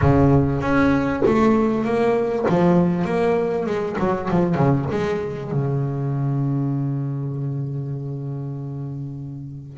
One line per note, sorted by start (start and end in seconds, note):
0.01 0.61 C#3
0.61 1.22 C#4
1.25 1.84 A3
1.84 2.45 A#3
2.48 3.04 F3
3.04 3.65 A#3
3.65 3.96 G#3
3.98 4.29 F#3
4.30 4.54 F3
4.54 4.85 C#3
4.90 5.51 G#3
5.51 9.77 C#3